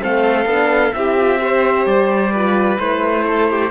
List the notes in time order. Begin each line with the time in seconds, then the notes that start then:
0.00 A3 C4 A4 F5
0.46 B3 D4
0.94 C4 E4 G4 E5
1.17 F4
1.39 G4 C5
1.86 G3 D5
2.32 F4 B4
2.78 A3 E4 C5
3.27 A4
3.50 G4